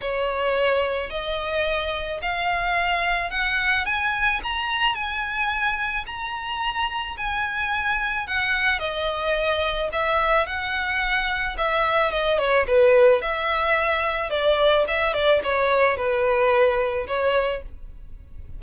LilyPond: \new Staff \with { instrumentName = "violin" } { \time 4/4 \tempo 4 = 109 cis''2 dis''2 | f''2 fis''4 gis''4 | ais''4 gis''2 ais''4~ | ais''4 gis''2 fis''4 |
dis''2 e''4 fis''4~ | fis''4 e''4 dis''8 cis''8 b'4 | e''2 d''4 e''8 d''8 | cis''4 b'2 cis''4 | }